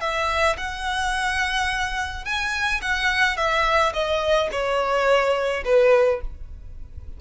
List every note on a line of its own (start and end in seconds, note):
0.00 0.56 E5
0.57 2.24 F#5
2.24 2.80 G#5
2.81 3.36 F#5
3.36 3.92 E5
3.93 4.49 D#5
4.51 5.63 C#5
5.64 6.20 B4